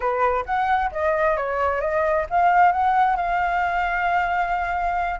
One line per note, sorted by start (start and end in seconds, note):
0.00 0.44 B4
0.45 0.90 F#5
0.91 1.36 D#5
1.36 1.80 C#5
1.80 2.26 D#5
2.29 2.71 F5
2.71 3.16 F#5
3.16 5.19 F5